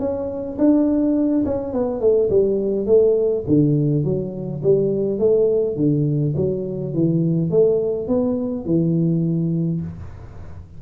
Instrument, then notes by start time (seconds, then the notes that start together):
tuba
0.00 C#4
0.59 D4
1.46 C#4
1.74 B3
2.01 A3
2.30 G3
2.87 A3
3.48 D3
4.05 F#3
4.63 G3
5.20 A3
5.77 D3
6.37 F#3
6.94 E3
7.51 A3
8.08 B3
8.66 E3